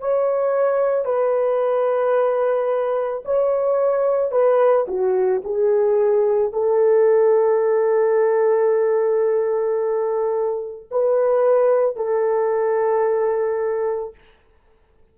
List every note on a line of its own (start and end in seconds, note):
0.00 1.05 C#5
1.05 3.23 B4
3.25 4.31 C#5
4.31 4.86 B4
4.87 5.42 F#4
5.44 6.53 G#4
6.53 10.89 A4
10.91 11.96 B4
11.96 14.14 A4